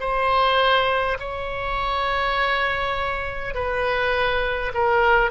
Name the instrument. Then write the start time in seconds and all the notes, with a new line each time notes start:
oboe
0.00 C5
1.19 C#5
3.55 B4
4.74 A#4